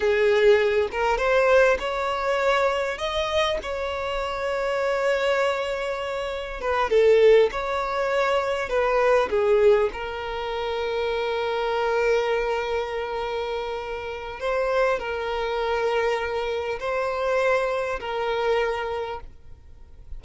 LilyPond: \new Staff \with { instrumentName = "violin" } { \time 4/4 \tempo 4 = 100 gis'4. ais'8 c''4 cis''4~ | cis''4 dis''4 cis''2~ | cis''2. b'8 a'8~ | a'8 cis''2 b'4 gis'8~ |
gis'8 ais'2.~ ais'8~ | ais'1 | c''4 ais'2. | c''2 ais'2 | }